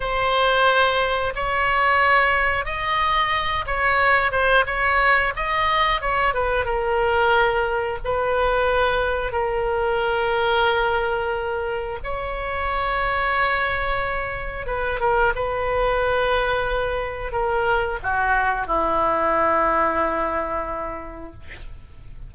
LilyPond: \new Staff \with { instrumentName = "oboe" } { \time 4/4 \tempo 4 = 90 c''2 cis''2 | dis''4. cis''4 c''8 cis''4 | dis''4 cis''8 b'8 ais'2 | b'2 ais'2~ |
ais'2 cis''2~ | cis''2 b'8 ais'8 b'4~ | b'2 ais'4 fis'4 | e'1 | }